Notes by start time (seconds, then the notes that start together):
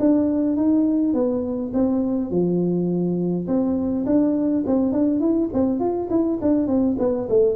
0.00 D4
0.57 D#4
1.14 B3
1.74 C4
2.31 F3
3.47 C4
4.06 D4
4.67 C4
4.93 D4
5.20 E4
5.53 C4
5.80 F4
6.10 E4
6.42 D4
6.67 C4
6.99 B3
7.29 A3